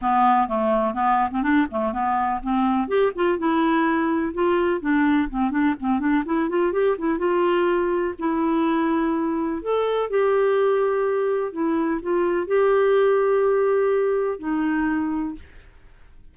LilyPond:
\new Staff \with { instrumentName = "clarinet" } { \time 4/4 \tempo 4 = 125 b4 a4 b8. c'16 d'8 a8 | b4 c'4 g'8 f'8 e'4~ | e'4 f'4 d'4 c'8 d'8 | c'8 d'8 e'8 f'8 g'8 e'8 f'4~ |
f'4 e'2. | a'4 g'2. | e'4 f'4 g'2~ | g'2 dis'2 | }